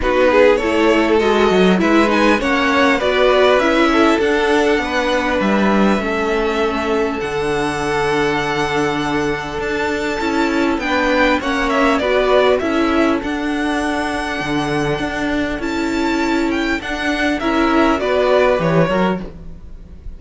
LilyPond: <<
  \new Staff \with { instrumentName = "violin" } { \time 4/4 \tempo 4 = 100 b'4 cis''4 dis''4 e''8 gis''8 | fis''4 d''4 e''4 fis''4~ | fis''4 e''2. | fis''1 |
a''2 g''4 fis''8 e''8 | d''4 e''4 fis''2~ | fis''2 a''4. g''8 | fis''4 e''4 d''4 cis''4 | }
  \new Staff \with { instrumentName = "violin" } { \time 4/4 fis'8 gis'8 a'2 b'4 | cis''4 b'4. a'4. | b'2 a'2~ | a'1~ |
a'2 b'4 cis''4 | b'4 a'2.~ | a'1~ | a'4 ais'4 b'4. ais'8 | }
  \new Staff \with { instrumentName = "viola" } { \time 4/4 dis'4 e'4 fis'4 e'8 dis'8 | cis'4 fis'4 e'4 d'4~ | d'2 cis'2 | d'1~ |
d'4 e'4 d'4 cis'4 | fis'4 e'4 d'2~ | d'2 e'2 | d'4 e'4 fis'4 g'8 fis'8 | }
  \new Staff \with { instrumentName = "cello" } { \time 4/4 b4 a4 gis8 fis8 gis4 | ais4 b4 cis'4 d'4 | b4 g4 a2 | d1 |
d'4 cis'4 b4 ais4 | b4 cis'4 d'2 | d4 d'4 cis'2 | d'4 cis'4 b4 e8 fis8 | }
>>